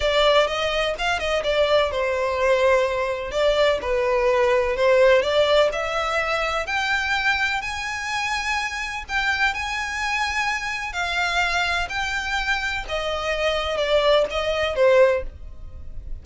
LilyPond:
\new Staff \with { instrumentName = "violin" } { \time 4/4 \tempo 4 = 126 d''4 dis''4 f''8 dis''8 d''4 | c''2. d''4 | b'2 c''4 d''4 | e''2 g''2 |
gis''2. g''4 | gis''2. f''4~ | f''4 g''2 dis''4~ | dis''4 d''4 dis''4 c''4 | }